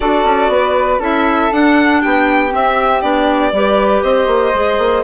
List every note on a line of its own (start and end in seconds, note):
0.00 0.24 D4
0.00 1.01 F#4
0.00 0.51 A4
0.00 1.01 D5
0.24 0.48 C#4
0.48 0.98 B3
0.48 0.99 B4
0.99 1.49 C#4
0.99 1.51 E4
0.99 2.00 A4
0.99 1.53 E5
1.52 2.02 D4
1.52 2.49 D4
1.52 2.01 F#5
2.01 2.53 B3
2.01 3.52 G4
2.01 2.51 G5
2.49 3.00 C4
2.49 3.02 C4
2.49 3.01 E5
3.01 3.51 B3
3.01 3.51 D4
3.01 4.02 D5
3.51 4.02 G3
3.51 4.54 G4
3.51 4.03 B4
4.02 4.26 C4
4.02 5.03 C5
4.02 5.03 D#5
4.26 4.52 A#3
4.54 4.77 G#3
4.54 5.03 G#4
4.77 5.03 A#3